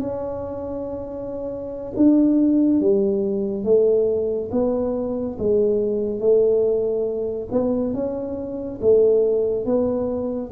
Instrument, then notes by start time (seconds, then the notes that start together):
tuba
0.00 C#4
1.96 D4
2.80 G3
3.64 A3
4.52 B3
5.39 G#3
6.20 A3
7.52 B3
7.94 C#4
8.82 A3
9.66 B3